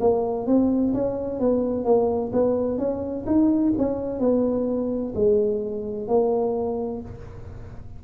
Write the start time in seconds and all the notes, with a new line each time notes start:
0.00 A#3
0.46 C4
0.94 C#4
1.39 B3
1.84 A#3
2.32 B3
2.78 C#4
3.26 D#4
3.78 C#4
4.19 B3
5.14 G#3
6.07 A#3